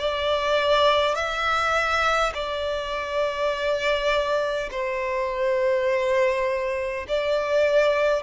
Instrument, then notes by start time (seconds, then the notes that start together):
violin
0.00 D5
1.16 E5
2.35 D5
4.71 C5
7.09 D5